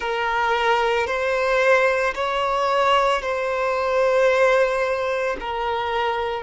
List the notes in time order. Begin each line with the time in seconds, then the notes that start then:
0.00 A#4
1.07 C5
2.14 C#5
3.21 C5
5.40 A#4